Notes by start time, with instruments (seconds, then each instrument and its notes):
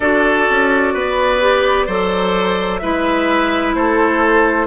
0.00 bassoon D4, clarinet F#4, oboe A4, flute D5
0.50 bassoon C#4
0.94 bassoon B3, oboe B4
1.40 clarinet G4
1.86 bassoon F#3, clarinet A4, oboe C5
2.78 bassoon G#3, clarinet E4, oboe B4, flute E5
3.74 bassoon A3, oboe A4, flute C5